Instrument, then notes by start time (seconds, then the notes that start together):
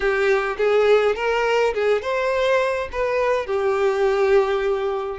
violin
0.00 G4
0.57 G#4
1.15 A#4
1.74 G#4
2.02 C5
2.92 B4
3.46 G4